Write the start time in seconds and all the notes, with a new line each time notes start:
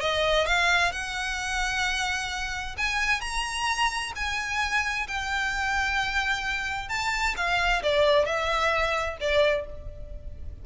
0.00 D#5
0.46 F5
0.92 F#5
2.78 G#5
3.20 A#5
4.15 G#5
5.07 G5
6.88 A5
7.36 F5
7.83 D5
8.25 E5
9.20 D5